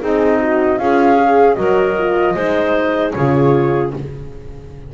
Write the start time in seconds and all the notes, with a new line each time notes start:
0.00 C4 D#4 G#4 D#5
0.41 F#4
0.78 C#4 F4 G#4 F5
1.17 G#4
1.55 F#3 F#4 A#4 D#5
1.97 F4
2.34 G#3 D#4 C5
3.11 C#3 F4 G#4 C#5